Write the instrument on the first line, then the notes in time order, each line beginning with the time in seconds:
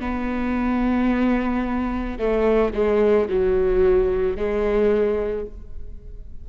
viola
0.00 B3
2.18 A3
2.73 G#3
3.28 F#3
4.36 G#3